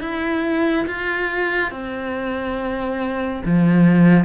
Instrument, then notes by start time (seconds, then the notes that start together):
cello
0.00 E4
0.86 F4
1.71 C4
3.44 F3